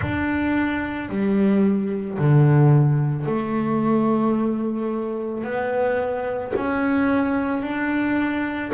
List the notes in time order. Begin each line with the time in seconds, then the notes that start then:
0.01 D4
1.09 G3
2.18 D3
3.25 A3
5.43 B3
6.56 C#4
7.62 D4